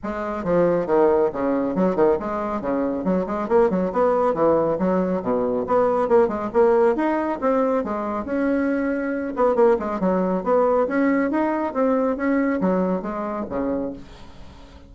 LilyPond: \new Staff \with { instrumentName = "bassoon" } { \time 4/4 \tempo 4 = 138 gis4 f4 dis4 cis4 | fis8 dis8 gis4 cis4 fis8 gis8 | ais8 fis8 b4 e4 fis4 | b,4 b4 ais8 gis8 ais4 |
dis'4 c'4 gis4 cis'4~ | cis'4. b8 ais8 gis8 fis4 | b4 cis'4 dis'4 c'4 | cis'4 fis4 gis4 cis4 | }